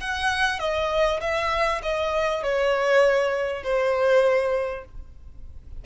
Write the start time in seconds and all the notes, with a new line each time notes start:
0.00 F#5
0.59 D#5
1.21 E5
1.83 D#5
2.43 C#5
3.63 C5